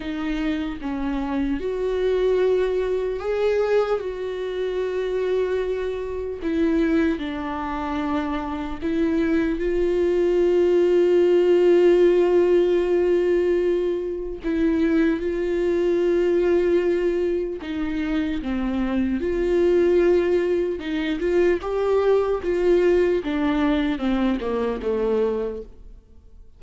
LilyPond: \new Staff \with { instrumentName = "viola" } { \time 4/4 \tempo 4 = 75 dis'4 cis'4 fis'2 | gis'4 fis'2. | e'4 d'2 e'4 | f'1~ |
f'2 e'4 f'4~ | f'2 dis'4 c'4 | f'2 dis'8 f'8 g'4 | f'4 d'4 c'8 ais8 a4 | }